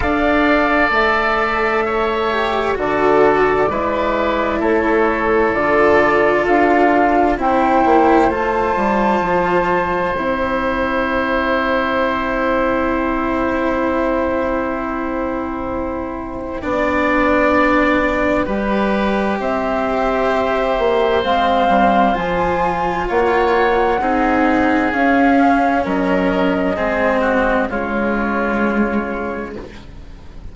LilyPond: <<
  \new Staff \with { instrumentName = "flute" } { \time 4/4 \tempo 4 = 65 f''4 e''2 d''4~ | d''4 cis''4 d''4 f''4 | g''4 a''2 g''4~ | g''1~ |
g''1~ | g''4 e''2 f''4 | gis''4 fis''2 f''4 | dis''2 cis''2 | }
  \new Staff \with { instrumentName = "oboe" } { \time 4/4 d''2 cis''4 a'4 | b'4 a'2. | c''1~ | c''1~ |
c''2 d''2 | b'4 c''2.~ | c''4 cis''4 gis'2 | ais'4 gis'8 fis'8 f'2 | }
  \new Staff \with { instrumentName = "cello" } { \time 4/4 a'2~ a'8 g'8 fis'4 | e'2 f'2 | e'4 f'2 e'4~ | e'1~ |
e'2 d'2 | g'2. c'4 | f'2 dis'4 cis'4~ | cis'4 c'4 gis2 | }
  \new Staff \with { instrumentName = "bassoon" } { \time 4/4 d'4 a2 d4 | gis4 a4 d4 d'4 | c'8 ais8 a8 g8 f4 c'4~ | c'1~ |
c'2 b2 | g4 c'4. ais8 gis8 g8 | f4 ais4 c'4 cis'4 | fis4 gis4 cis2 | }
>>